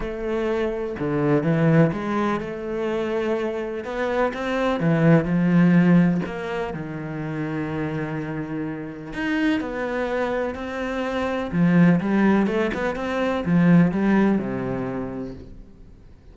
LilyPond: \new Staff \with { instrumentName = "cello" } { \time 4/4 \tempo 4 = 125 a2 d4 e4 | gis4 a2. | b4 c'4 e4 f4~ | f4 ais4 dis2~ |
dis2. dis'4 | b2 c'2 | f4 g4 a8 b8 c'4 | f4 g4 c2 | }